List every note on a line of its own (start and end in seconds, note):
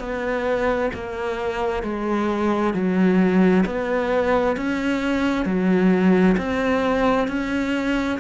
0.00 0.91 B3
0.94 1.83 A#3
1.83 2.74 G#3
2.74 3.65 F#3
3.66 4.57 B3
4.57 5.46 C#4
5.46 6.37 F#3
6.38 7.29 C4
7.29 8.19 C#4